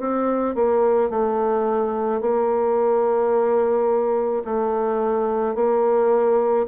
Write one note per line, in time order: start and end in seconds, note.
0.00 0.55 C4
0.55 1.10 A#3
1.10 2.21 A3
2.21 4.43 A#3
4.44 5.55 A3
5.55 6.66 A#3